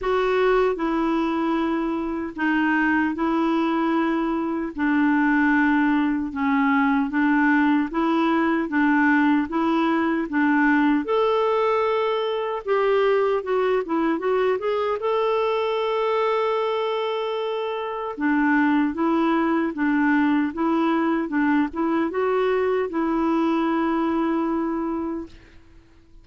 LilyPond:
\new Staff \with { instrumentName = "clarinet" } { \time 4/4 \tempo 4 = 76 fis'4 e'2 dis'4 | e'2 d'2 | cis'4 d'4 e'4 d'4 | e'4 d'4 a'2 |
g'4 fis'8 e'8 fis'8 gis'8 a'4~ | a'2. d'4 | e'4 d'4 e'4 d'8 e'8 | fis'4 e'2. | }